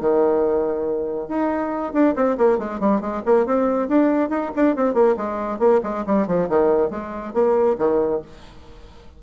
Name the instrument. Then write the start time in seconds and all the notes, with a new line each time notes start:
bassoon
0.00 D#3
1.28 D#4
1.93 D4
2.15 C4
2.38 A#3
2.58 G#3
2.80 G3
3.01 G#3
3.25 A#3
3.46 C4
3.88 D4
4.29 D#4
4.56 D4
4.76 C4
4.94 A#3
5.17 G#3
5.59 A#3
5.83 G#3
6.06 G3
6.27 F3
6.49 D#3
6.90 G#3
7.34 A#3
7.78 D#3